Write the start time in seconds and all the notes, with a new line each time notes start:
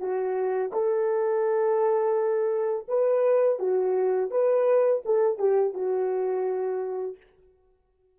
0.00 F#4
0.72 A4
2.88 B4
3.59 F#4
4.31 B4
5.05 A4
5.39 G4
5.74 F#4